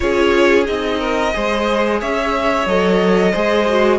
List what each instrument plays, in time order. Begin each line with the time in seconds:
0.00 cello C#4, viola F4, violin G#4 C#5
0.64 cello C4, viola D#4, violin D#5
0.99 violin A#4
1.33 cello G#3, viola G#4, violin C5
2.00 cello C#4, violin C#5 E5
2.65 cello F#3, viola A4, violin D#5
3.32 cello G#3, viola G#4, violin C5
3.68 viola F#4